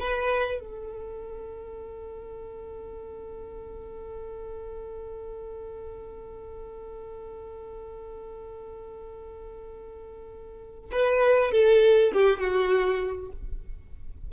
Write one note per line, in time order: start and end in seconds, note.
0.00 0.61 B4
0.61 10.91 A4
10.92 11.52 B4
11.52 12.13 A4
12.13 12.40 G4
12.40 13.31 F#4